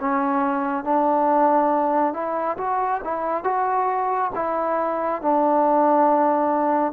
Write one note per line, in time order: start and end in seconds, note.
0.00 0.84 C#4
0.84 2.13 D4
2.13 2.57 E4
2.57 3.00 F#4
3.04 3.43 E4
3.43 4.30 F#4
4.35 5.22 E4
5.22 6.92 D4